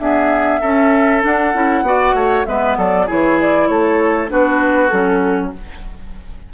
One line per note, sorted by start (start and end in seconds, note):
0.00 0.62 B3
0.00 0.61 D4
0.00 0.61 G#4
0.00 1.22 E5
0.61 1.24 C#4
0.61 1.22 C#4
0.61 1.83 A4
1.22 1.52 D4
1.22 1.55 D4
1.22 2.46 F#5
1.54 1.82 C#4
1.54 1.85 E4
1.82 2.13 B3
1.82 2.46 F#4
1.82 2.16 D5
2.14 2.45 A3
2.14 2.46 C#5
2.46 2.77 G#3
2.46 3.08 B3
2.46 2.78 B4
2.46 2.77 E5
2.78 3.08 F#3
2.78 3.06 A4
2.78 3.09 D5
3.06 3.69 E3
3.06 4.29 E4
3.06 3.67 G#4
3.06 3.40 C#5
3.41 3.68 D5
3.68 4.31 A3
3.68 4.31 A4
3.68 4.29 C#5
4.29 4.92 B3
4.29 4.90 D4
4.29 5.54 F#4
4.29 4.88 B4
4.88 5.53 F#3
4.88 5.54 C#4
4.88 5.49 A4